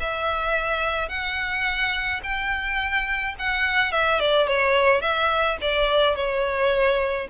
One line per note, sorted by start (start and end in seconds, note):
0.00 1.09 E5
1.09 2.21 F#5
2.23 3.35 G5
3.39 3.92 F#5
3.92 4.20 E5
4.20 4.47 D5
4.47 5.01 C#5
5.01 5.57 E5
5.62 6.16 D5
6.16 7.28 C#5